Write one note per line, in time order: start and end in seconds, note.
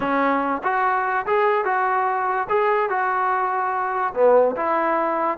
0.00 0.62 C#4
0.63 1.25 F#4
1.26 1.65 G#4
1.65 2.47 F#4
2.49 2.89 G#4
2.89 4.13 F#4
4.14 4.55 B3
4.56 5.38 E4